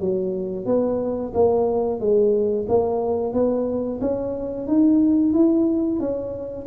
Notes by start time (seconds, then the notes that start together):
0.00 F#3
0.66 B3
1.34 A#3
2.00 G#3
2.69 A#3
3.33 B3
4.01 C#4
4.67 D#4
5.34 E4
6.00 C#4